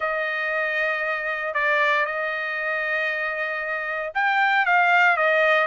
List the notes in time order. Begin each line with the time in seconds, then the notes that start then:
0.00 D#5
1.54 D5
2.05 D#5
4.14 G5
4.65 F5
5.16 D#5